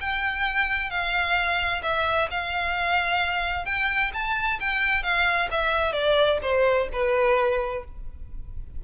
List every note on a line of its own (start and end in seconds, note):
0.00 0.90 G5
0.90 1.81 F5
1.82 2.28 E5
2.30 3.65 F5
3.65 4.11 G5
4.13 4.59 A5
4.60 5.03 G5
5.03 5.48 F5
5.51 5.93 E5
5.93 6.38 D5
6.42 6.88 C5
6.92 7.84 B4